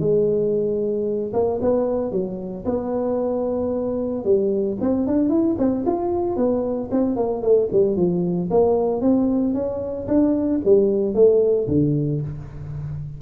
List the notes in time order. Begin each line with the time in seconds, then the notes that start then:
0.00 G#3
1.33 A#3
1.62 B3
2.12 F#3
2.66 B3
4.25 G3
4.81 C4
5.07 D4
5.30 E4
5.59 C4
5.86 F4
6.37 B3
6.91 C4
7.17 A#3
7.42 A3
7.73 G3
7.97 F3
8.51 A#3
9.01 C4
9.55 C#4
10.08 D4
10.65 G3
11.15 A3
11.69 D3